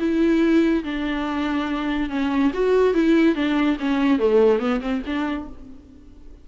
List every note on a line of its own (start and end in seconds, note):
0.00 0.84 E4
0.84 2.10 D4
2.10 2.52 C#4
2.54 2.94 F#4
2.94 3.36 E4
3.36 3.78 D4
3.80 4.19 C#4
4.19 4.60 A3
4.60 4.81 B3
4.81 5.02 C4
5.06 5.48 D4